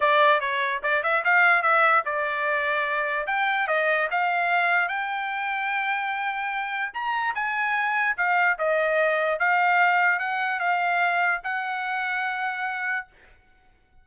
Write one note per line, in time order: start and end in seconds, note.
0.00 0.40 D5
0.40 0.81 C#5
0.83 1.03 D5
1.03 1.23 E5
1.24 1.62 F5
1.62 2.03 E5
2.05 3.27 D5
3.27 3.67 G5
3.67 4.08 D#5
4.10 4.88 F5
4.88 6.92 G5
6.93 7.34 A#5
7.35 8.16 G#5
8.17 8.58 F5
8.58 9.39 D#5
9.39 10.19 F5
10.19 10.59 F#5
10.59 11.41 F5
11.43 13.06 F#5